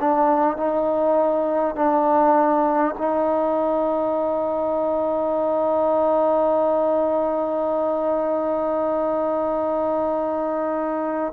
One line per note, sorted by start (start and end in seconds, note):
0.00 0.56 D4
0.56 1.75 D#4
1.75 2.95 D4
2.98 11.33 D#4